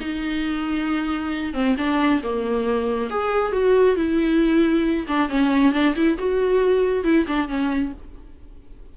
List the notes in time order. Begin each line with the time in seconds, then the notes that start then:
0.00 D#4
1.53 C4
1.77 D4
2.23 A#3
3.10 G#4
3.52 F#4
3.96 E4
5.07 D4
5.29 C#4
5.73 D4
5.95 E4
6.18 F#4
7.04 E4
7.27 D4
7.48 C#4